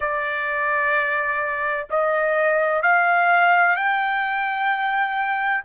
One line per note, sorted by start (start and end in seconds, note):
0.00 1.87 D5
1.90 2.82 D#5
2.82 3.75 F5
3.76 5.63 G5